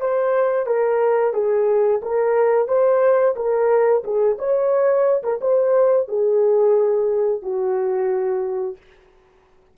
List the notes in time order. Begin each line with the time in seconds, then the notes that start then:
0.00 C5
0.66 A#4
1.33 G#4
2.02 A#4
2.68 C5
3.36 A#4
4.03 G#4
4.38 C#5
5.23 A#4
5.41 C5
6.08 G#4
7.42 F#4